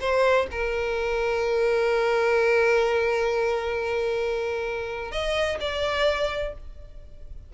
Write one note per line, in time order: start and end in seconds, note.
0.00 0.47 C5
0.51 5.11 A#4
5.11 5.58 D#5
5.60 6.53 D5